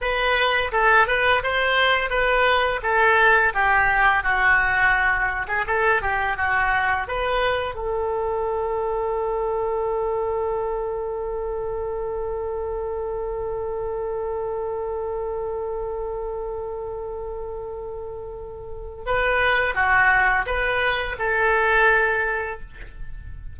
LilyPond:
\new Staff \with { instrumentName = "oboe" } { \time 4/4 \tempo 4 = 85 b'4 a'8 b'8 c''4 b'4 | a'4 g'4 fis'4.~ fis'16 gis'16 | a'8 g'8 fis'4 b'4 a'4~ | a'1~ |
a'1~ | a'1~ | a'2. b'4 | fis'4 b'4 a'2 | }